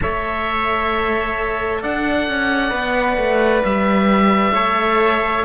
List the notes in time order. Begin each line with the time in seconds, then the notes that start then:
0.01 A3 A4 C#5 E5
1.81 D4 D5 F#5
2.28 C#4
2.70 B3 B4
3.17 A3
3.64 G3 E5
4.51 A3 A4 C#5